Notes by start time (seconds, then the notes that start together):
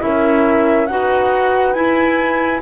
0.00 C#4 E4 A#4 E5
0.87 D#4 F#4 B4 F#5
1.74 E4 G#5